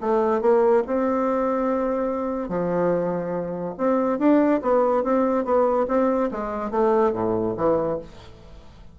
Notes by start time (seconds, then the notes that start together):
0.00 A3
0.41 A#3
0.86 C4
2.48 F3
3.77 C4
4.18 D4
4.61 B3
5.03 C4
5.44 B3
5.88 C4
6.31 G#3
6.71 A3
7.13 A2
7.57 E3